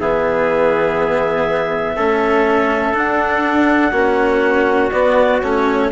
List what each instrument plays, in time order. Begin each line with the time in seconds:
0.00 bassoon E3, cello B3, trumpet G#4, clarinet E5
1.95 bassoon A3, cello C#4, trumpet A4
2.93 cello D4, bassoon D4, clarinet F#5
3.91 bassoon A#3, cello C#4, trumpet F#4
4.91 bassoon B3, cello B3, clarinet D5
5.41 bassoon A3, cello C#4, clarinet C#5